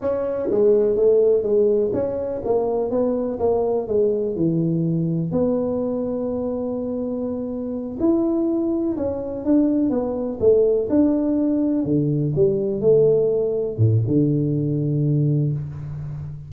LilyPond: \new Staff \with { instrumentName = "tuba" } { \time 4/4 \tempo 4 = 124 cis'4 gis4 a4 gis4 | cis'4 ais4 b4 ais4 | gis4 e2 b4~ | b1~ |
b8 e'2 cis'4 d'8~ | d'8 b4 a4 d'4.~ | d'8 d4 g4 a4.~ | a8 a,8 d2. | }